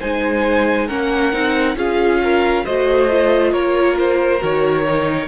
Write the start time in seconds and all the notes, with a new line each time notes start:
0.00 G#3 D#4 C5 G#5
0.87 A#3 C#4 A#4 F#5
1.33 C4 D#4
1.76 C#4 F4 G#4 F5
2.23 A#4
2.65 A3 F#4 C5 D#5
3.10 F4
3.52 A#3 A#4 C#5
3.99 C5
4.39 D#3 F#4 C#5
4.87 D#4